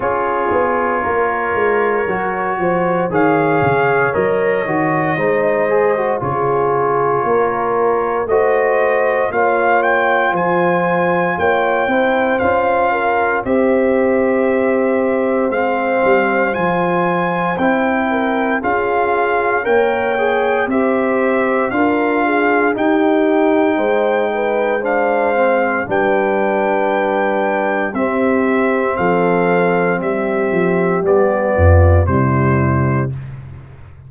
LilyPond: <<
  \new Staff \with { instrumentName = "trumpet" } { \time 4/4 \tempo 4 = 58 cis''2. f''4 | dis''2 cis''2 | dis''4 f''8 g''8 gis''4 g''4 | f''4 e''2 f''4 |
gis''4 g''4 f''4 g''4 | e''4 f''4 g''2 | f''4 g''2 e''4 | f''4 e''4 d''4 c''4 | }
  \new Staff \with { instrumentName = "horn" } { \time 4/4 gis'4 ais'4. c''8 cis''4~ | cis''4 c''4 gis'4 ais'4 | c''4 cis''4 c''4 cis''8 c''8~ | c''8 ais'8 c''2.~ |
c''4. ais'8 gis'4 cis''4 | c''4 ais'8 gis'8 g'4 c''8 b'8 | c''4 b'2 g'4 | a'4 g'4. f'8 e'4 | }
  \new Staff \with { instrumentName = "trombone" } { \time 4/4 f'2 fis'4 gis'4 | ais'8 fis'8 dis'8 gis'16 fis'16 f'2 | fis'4 f'2~ f'8 e'8 | f'4 g'2 c'4 |
f'4 e'4 f'4 ais'8 gis'8 | g'4 f'4 dis'2 | d'8 c'8 d'2 c'4~ | c'2 b4 g4 | }
  \new Staff \with { instrumentName = "tuba" } { \time 4/4 cis'8 b8 ais8 gis8 fis8 f8 dis8 cis8 | fis8 dis8 gis4 cis4 ais4 | a4 ais4 f4 ais8 c'8 | cis'4 c'2 gis8 g8 |
f4 c'4 cis'4 ais4 | c'4 d'4 dis'4 gis4~ | gis4 g2 c'4 | f4 g8 f8 g8 f,8 c4 | }
>>